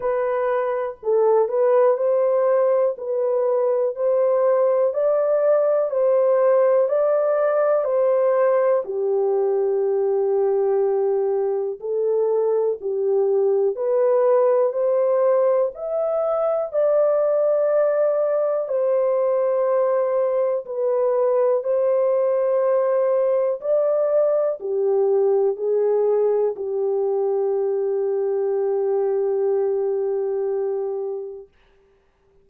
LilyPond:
\new Staff \with { instrumentName = "horn" } { \time 4/4 \tempo 4 = 61 b'4 a'8 b'8 c''4 b'4 | c''4 d''4 c''4 d''4 | c''4 g'2. | a'4 g'4 b'4 c''4 |
e''4 d''2 c''4~ | c''4 b'4 c''2 | d''4 g'4 gis'4 g'4~ | g'1 | }